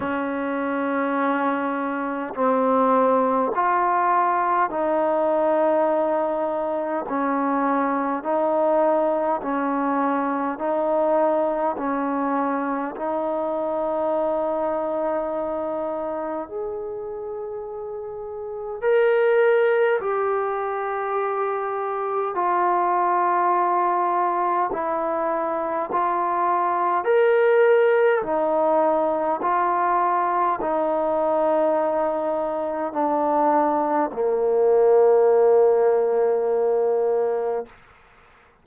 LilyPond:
\new Staff \with { instrumentName = "trombone" } { \time 4/4 \tempo 4 = 51 cis'2 c'4 f'4 | dis'2 cis'4 dis'4 | cis'4 dis'4 cis'4 dis'4~ | dis'2 gis'2 |
ais'4 g'2 f'4~ | f'4 e'4 f'4 ais'4 | dis'4 f'4 dis'2 | d'4 ais2. | }